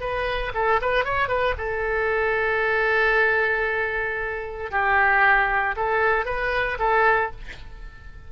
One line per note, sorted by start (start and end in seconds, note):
0.00 0.52 B4
0.54 0.80 A4
0.81 1.04 B4
1.04 1.28 C#5
1.28 1.54 B4
1.58 4.71 A4
4.71 5.75 G4
5.76 6.25 A4
6.25 6.77 B4
6.78 7.31 A4